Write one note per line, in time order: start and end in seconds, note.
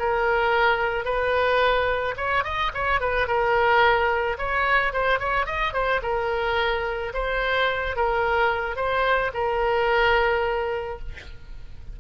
0.00 1.05 A#4
1.05 2.15 B4
2.17 2.45 C#5
2.45 2.72 D#5
2.74 3.01 C#5
3.01 3.28 B4
3.28 4.38 A#4
4.39 4.93 C#5
4.93 5.20 C5
5.20 5.46 C#5
5.46 5.74 D#5
5.74 6.01 C5
6.03 7.13 A#4
7.14 7.96 C5
7.96 8.77 A#4
8.77 9.32 C5
9.34 10.99 A#4